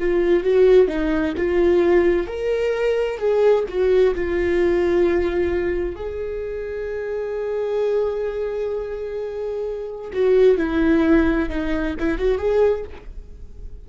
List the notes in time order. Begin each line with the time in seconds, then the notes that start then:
0.00 F4
0.44 F#4
0.88 D#4
1.37 F4
2.27 A#4
3.18 G#4
3.69 F#4
4.15 F4
5.96 G#4
10.13 F#4
10.58 E4
11.50 D#4
12.00 E4
12.18 F#4
12.38 G#4